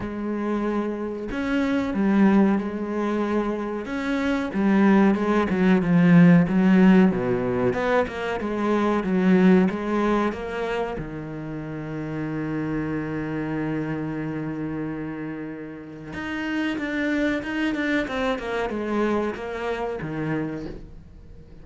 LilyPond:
\new Staff \with { instrumentName = "cello" } { \time 4/4 \tempo 4 = 93 gis2 cis'4 g4 | gis2 cis'4 g4 | gis8 fis8 f4 fis4 b,4 | b8 ais8 gis4 fis4 gis4 |
ais4 dis2.~ | dis1~ | dis4 dis'4 d'4 dis'8 d'8 | c'8 ais8 gis4 ais4 dis4 | }